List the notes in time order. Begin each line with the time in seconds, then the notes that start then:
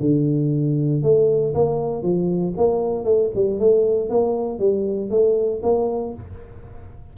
0.00 D3
1.02 A3
1.54 A#3
2.02 F3
2.57 A#3
3.04 A3
3.35 G3
3.59 A3
4.09 A#3
4.59 G3
5.10 A3
5.62 A#3